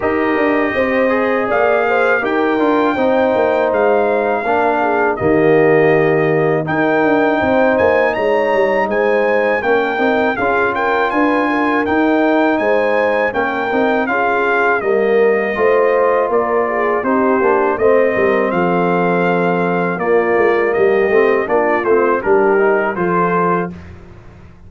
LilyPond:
<<
  \new Staff \with { instrumentName = "trumpet" } { \time 4/4 \tempo 4 = 81 dis''2 f''4 g''4~ | g''4 f''2 dis''4~ | dis''4 g''4. gis''8 ais''4 | gis''4 g''4 f''8 g''8 gis''4 |
g''4 gis''4 g''4 f''4 | dis''2 d''4 c''4 | dis''4 f''2 d''4 | dis''4 d''8 c''8 ais'4 c''4 | }
  \new Staff \with { instrumentName = "horn" } { \time 4/4 ais'4 c''4 d''8 c''8 ais'4 | c''2 ais'8 gis'8 g'4~ | g'4 ais'4 c''4 cis''4 | c''4 ais'4 gis'8 ais'8 b'8 ais'8~ |
ais'4 c''4 ais'4 gis'4 | ais'4 c''4 ais'8 gis'8 g'4 | c''8 ais'8 a'2 f'4 | g'4 f'4 g'4 a'4 | }
  \new Staff \with { instrumentName = "trombone" } { \time 4/4 g'4. gis'4. g'8 f'8 | dis'2 d'4 ais4~ | ais4 dis'2.~ | dis'4 cis'8 dis'8 f'2 |
dis'2 cis'8 dis'8 f'4 | ais4 f'2 dis'8 d'8 | c'2. ais4~ | ais8 c'8 d'8 c'8 d'8 dis'8 f'4 | }
  \new Staff \with { instrumentName = "tuba" } { \time 4/4 dis'8 d'8 c'4 ais4 dis'8 d'8 | c'8 ais8 gis4 ais4 dis4~ | dis4 dis'8 d'8 c'8 ais8 gis8 g8 | gis4 ais8 c'8 cis'4 d'4 |
dis'4 gis4 ais8 c'8 cis'4 | g4 a4 ais4 c'8 ais8 | a8 g8 f2 ais8 gis8 | g8 a8 ais8 a8 g4 f4 | }
>>